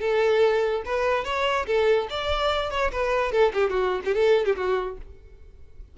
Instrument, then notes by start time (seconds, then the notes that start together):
violin
0.00 A4
0.85 B4
1.24 C#5
1.66 A4
2.10 D5
2.70 C#5
2.92 B4
3.32 A4
3.53 G4
3.70 F#4
4.05 G4
4.14 A4
4.45 G4
4.56 F#4